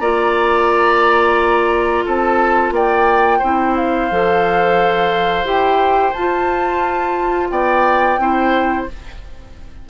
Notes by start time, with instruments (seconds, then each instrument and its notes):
0.00 bassoon A#3, clarinet F4, oboe D5, flute A#5
2.05 bassoon C4, oboe A4, flute A5
2.71 bassoon A#3, oboe D5, flute G5
3.38 bassoon C4, clarinet E4, oboe C5
3.76 flute F5
4.11 bassoon F3, clarinet A4
5.44 bassoon E4, clarinet G4, flute G5
6.13 bassoon F4, clarinet F4, flute A5
7.50 bassoon B3, oboe D5, flute G5
8.17 bassoon C4, clarinet E4, oboe C5